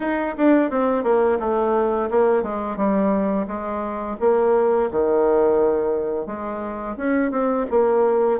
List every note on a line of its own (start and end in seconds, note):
0.00 0.35 D#4
0.37 0.70 D4
0.70 1.03 C4
1.03 1.38 A#3
1.39 2.09 A3
2.10 2.42 A#3
2.42 2.76 G#3
2.76 3.46 G3
3.47 4.17 G#3
4.20 4.90 A#3
4.91 6.26 D#3
6.26 6.96 G#3
6.96 7.31 C#4
7.31 7.66 C4
7.70 8.40 A#3